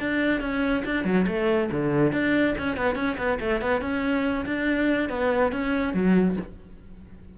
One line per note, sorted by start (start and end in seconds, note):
0.00 0.41 D4
0.41 0.84 C#4
0.86 1.05 D4
1.05 1.26 F#3
1.28 1.70 A3
1.72 2.13 D3
2.13 2.55 D4
2.58 2.77 C#4
2.77 2.96 B3
2.96 3.17 C#4
3.18 3.39 B3
3.40 3.62 A3
3.62 3.82 B3
3.82 4.45 C#4
4.46 5.10 D4
5.10 5.52 B3
5.52 5.94 C#4
5.94 6.37 F#3